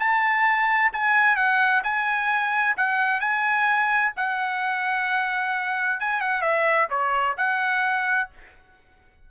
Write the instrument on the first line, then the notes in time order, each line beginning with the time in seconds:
trumpet
0.00 A5
0.93 G#5
1.36 F#5
1.84 G#5
2.77 F#5
3.21 G#5
4.17 F#5
6.00 G#5
6.21 F#5
6.42 E5
6.90 C#5
7.38 F#5